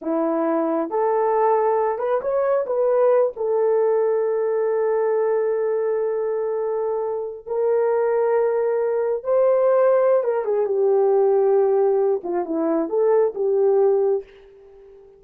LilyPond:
\new Staff \with { instrumentName = "horn" } { \time 4/4 \tempo 4 = 135 e'2 a'2~ | a'8 b'8 cis''4 b'4. a'8~ | a'1~ | a'1~ |
a'8. ais'2.~ ais'16~ | ais'8. c''2~ c''16 ais'8 gis'8 | g'2.~ g'8 f'8 | e'4 a'4 g'2 | }